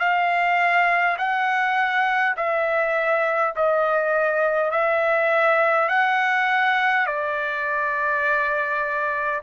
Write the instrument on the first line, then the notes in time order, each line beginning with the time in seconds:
trumpet
0.00 F5
1.18 F#5
2.37 E5
3.56 D#5
4.71 E5
5.89 F#5
7.06 D5